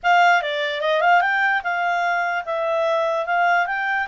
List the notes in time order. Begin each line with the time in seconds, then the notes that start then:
0.03 F5
0.42 D5
0.81 D#5
1.00 F5
1.21 G5
1.63 F5
2.45 E5
3.25 F5
3.66 G5